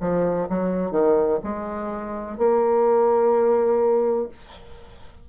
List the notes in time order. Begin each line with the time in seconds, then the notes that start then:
0.00 F3
0.49 F#3
0.91 D#3
1.43 G#3
2.38 A#3